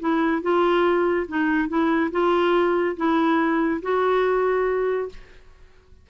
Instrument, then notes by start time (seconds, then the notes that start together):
clarinet
0.00 E4
0.42 F4
1.28 D#4
1.68 E4
2.12 F4
2.97 E4
3.82 F#4